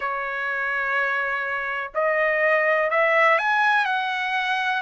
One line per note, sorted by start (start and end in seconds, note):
0.00 1.91 C#5
1.94 2.90 D#5
2.90 3.38 E5
3.38 3.84 G#5
3.84 4.81 F#5